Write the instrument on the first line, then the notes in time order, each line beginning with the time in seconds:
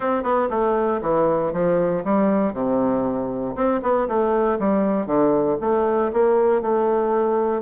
bassoon
0.00 C4
0.23 B3
0.49 A3
1.01 E3
1.53 F3
2.04 G3
2.53 C3
3.55 C4
3.82 B3
4.08 A3
4.59 G3
5.06 D3
5.60 A3
6.12 A#3
6.61 A3